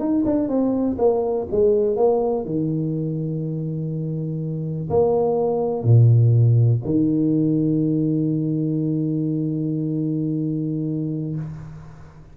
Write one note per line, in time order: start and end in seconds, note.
0.00 0.24 D#4
0.26 0.49 D4
0.49 0.97 C4
0.99 1.48 A#3
1.52 1.97 G#3
1.97 2.45 A#3
2.45 4.89 D#3
4.90 5.84 A#3
5.84 6.82 A#2
6.85 11.36 D#3